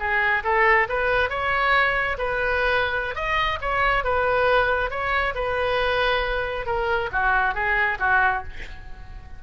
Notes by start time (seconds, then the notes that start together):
0.00 G#4
0.44 A4
0.89 B4
1.30 C#5
2.18 B4
3.16 D#5
3.62 C#5
4.05 B4
4.91 C#5
5.35 B4
6.66 A#4
7.12 F#4
7.55 G#4
8.00 F#4